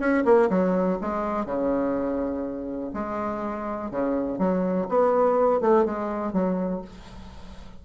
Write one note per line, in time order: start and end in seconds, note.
0.00 0.24 C#4
0.25 0.49 A#3
0.50 0.99 F#3
1.01 1.46 G#3
1.46 2.92 C#3
2.94 3.91 G#3
3.91 4.39 C#3
4.39 4.87 F#3
4.89 5.61 B3
5.61 5.85 A3
5.85 6.33 G#3
6.33 6.82 F#3